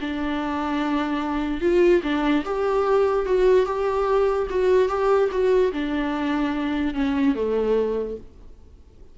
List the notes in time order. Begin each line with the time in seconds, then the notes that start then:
0.00 D4
1.61 F4
2.03 D4
2.45 G4
3.26 F#4
3.66 G4
4.50 F#4
4.89 G4
5.31 F#4
5.73 D4
6.94 C#4
7.35 A3